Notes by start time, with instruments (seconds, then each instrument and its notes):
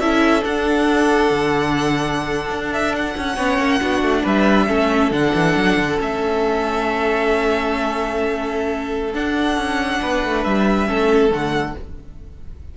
0.00 cello C#4, viola E4, violin A4 E5
0.41 viola D4, cello D4, violin F#5
1.31 cello D3
2.50 cello D4
2.73 violin E5
2.96 violin F#5
3.17 cello C#4
3.36 cello B3, viola C#4, violin C#5
3.59 cello A#3
3.81 cello B3, viola D4, violin F#4
4.02 cello A3
4.23 cello G3, violin B4 E5
4.68 cello A3, viola C#4, violin A4
5.11 cello D3, viola D4, violin F#5
5.34 cello E3
5.57 cello F#3
5.77 cello D3
5.98 cello A3, viola C#4, violin E5
9.14 viola D4, cello D4, violin F#5
9.57 cello C#4
10.02 cello B3, violin B4
10.25 cello A3
10.44 cello G3, violin E5
10.87 cello A3, viola C#4, violin A4
11.30 cello D3, viola A3, violin F#5